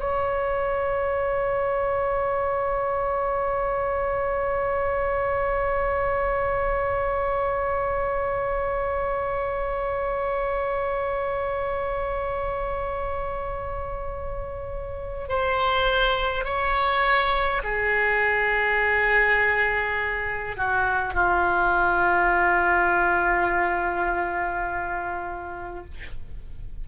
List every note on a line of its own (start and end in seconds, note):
0.00 15.29 C#5
15.29 16.45 C5
16.45 17.63 C#5
17.64 20.57 G#4
20.57 21.14 F#4
21.14 25.85 F4